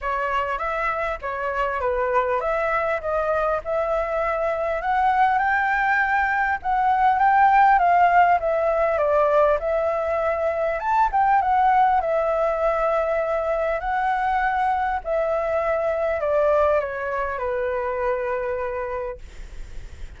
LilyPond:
\new Staff \with { instrumentName = "flute" } { \time 4/4 \tempo 4 = 100 cis''4 e''4 cis''4 b'4 | e''4 dis''4 e''2 | fis''4 g''2 fis''4 | g''4 f''4 e''4 d''4 |
e''2 a''8 g''8 fis''4 | e''2. fis''4~ | fis''4 e''2 d''4 | cis''4 b'2. | }